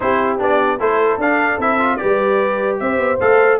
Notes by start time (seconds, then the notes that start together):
0.00 C4 E4 G4 C5
0.38 B3 D4 D5
0.79 A3 E4 A4 C5
1.17 D4 F5
1.58 C4 E4 E5
1.79 F4
1.97 G4 B4 D5
2.03 G3
2.79 C4 C5 E5
2.98 B3
3.20 A3 A4 F5